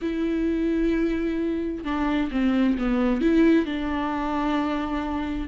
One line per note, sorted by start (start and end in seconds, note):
0.01 1.84 E4
1.84 2.30 D4
2.31 2.77 C4
2.78 3.21 B3
3.21 3.65 E4
3.65 5.48 D4